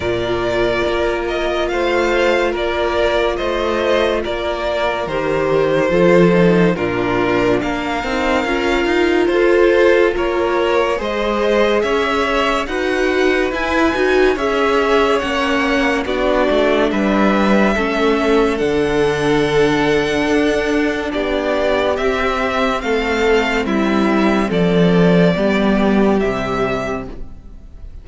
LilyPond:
<<
  \new Staff \with { instrumentName = "violin" } { \time 4/4 \tempo 4 = 71 d''4. dis''8 f''4 d''4 | dis''4 d''4 c''2 | ais'4 f''2 c''4 | cis''4 dis''4 e''4 fis''4 |
gis''4 e''4 fis''4 d''4 | e''2 fis''2~ | fis''4 d''4 e''4 f''4 | e''4 d''2 e''4 | }
  \new Staff \with { instrumentName = "violin" } { \time 4/4 ais'2 c''4 ais'4 | c''4 ais'2 a'4 | f'4 ais'2 a'4 | ais'4 c''4 cis''4 b'4~ |
b'4 cis''2 fis'4 | b'4 a'2.~ | a'4 g'2 a'4 | e'4 a'4 g'2 | }
  \new Staff \with { instrumentName = "viola" } { \time 4/4 f'1~ | f'2 g'4 f'8 dis'8 | d'4. dis'8 f'2~ | f'4 gis'2 fis'4 |
e'8 fis'8 gis'4 cis'4 d'4~ | d'4 cis'4 d'2~ | d'2 c'2~ | c'2 b4 g4 | }
  \new Staff \with { instrumentName = "cello" } { \time 4/4 ais,4 ais4 a4 ais4 | a4 ais4 dis4 f4 | ais,4 ais8 c'8 cis'8 dis'8 f'4 | ais4 gis4 cis'4 dis'4 |
e'8 dis'8 cis'4 ais4 b8 a8 | g4 a4 d2 | d'4 b4 c'4 a4 | g4 f4 g4 c4 | }
>>